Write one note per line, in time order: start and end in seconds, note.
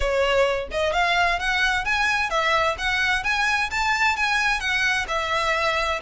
0.00 0.68 C#5
0.71 0.93 D#5
0.93 1.39 F5
1.39 1.84 F#5
1.84 2.30 G#5
2.30 2.76 E5
2.78 3.23 F#5
3.23 3.69 G#5
3.70 4.16 A5
4.16 4.59 G#5
4.59 5.06 F#5
5.07 6.00 E5